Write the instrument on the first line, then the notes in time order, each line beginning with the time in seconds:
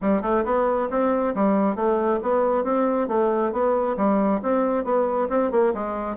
bassoon
0.01 G3
0.22 A3
0.44 B3
0.90 C4
1.34 G3
1.75 A3
2.22 B3
2.64 C4
3.08 A3
3.52 B3
3.96 G3
4.42 C4
4.84 B3
5.29 C4
5.51 A#3
5.74 G#3